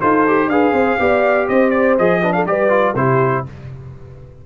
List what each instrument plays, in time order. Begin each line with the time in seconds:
0.00 tuba D#4, trombone F4, horn A4, trumpet C5
0.27 trombone G4
0.47 tuba D4, trombone G#4, horn B4, trumpet F5
0.72 tuba C4, horn C5
0.98 tuba B3, trombone G4, horn D5
1.47 tuba C4, horn C5, trumpet D#5
1.70 trumpet D5
1.98 tuba F3, trombone G#4, trumpet D#5
2.22 trombone D4, horn B4
2.32 horn A4, trumpet F5
2.45 tuba G3, trombone G4, horn B4, trumpet D5
2.69 trombone F4
2.94 tuba C3, trombone E4, horn G4, trumpet C5